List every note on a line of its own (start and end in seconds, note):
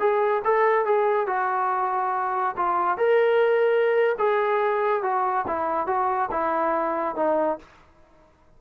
0.00 0.43 G#4
0.45 0.85 A4
0.85 1.27 G#4
1.27 2.56 F#4
2.57 2.98 F4
2.98 4.16 A#4
4.19 5.03 G#4
5.03 5.46 F#4
5.48 5.87 E4
5.87 6.30 F#4
6.32 7.16 E4
7.16 7.59 D#4